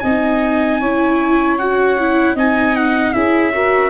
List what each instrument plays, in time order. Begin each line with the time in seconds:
0.00 tuba C4, viola D#4, saxophone D#5, trumpet G#5
0.79 tuba C#4, viola E4, saxophone C#5
1.58 viola F#4, trumpet F#5
1.99 viola E4
2.35 tuba C4, viola D#4, saxophone D#5, trumpet G#5
2.76 trumpet F#5
3.13 tuba C#4, viola E4, saxophone G#4, trumpet E5
3.53 viola F#4, saxophone A#4